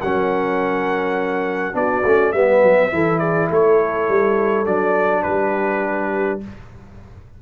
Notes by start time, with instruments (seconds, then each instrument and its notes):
0.00 tuba F#3, trombone C#4, horn A#4, trumpet F#5
1.73 tuba B3, trombone D4, horn F#4, trumpet D5
2.05 tuba A3, trombone C#4
2.32 tuba G3, trombone B3, horn B4, trumpet E5
2.62 tuba F#3
2.92 tuba E3, trombone E4, horn A4
3.19 horn G#4, trumpet D5
3.50 tuba A3, horn A4, trumpet C#5
4.09 tuba G3
4.66 tuba F#3, trombone D4, trumpet D5
5.23 tuba G3, horn G4, trumpet B4